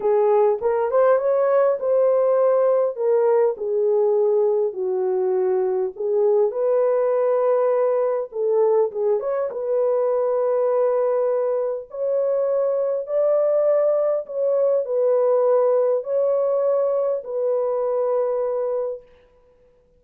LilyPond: \new Staff \with { instrumentName = "horn" } { \time 4/4 \tempo 4 = 101 gis'4 ais'8 c''8 cis''4 c''4~ | c''4 ais'4 gis'2 | fis'2 gis'4 b'4~ | b'2 a'4 gis'8 cis''8 |
b'1 | cis''2 d''2 | cis''4 b'2 cis''4~ | cis''4 b'2. | }